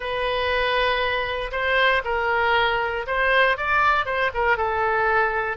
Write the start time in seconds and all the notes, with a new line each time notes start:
0.00 B4
1.51 C5
2.04 A#4
3.06 C5
3.57 D5
4.05 C5
4.34 A#4
4.57 A4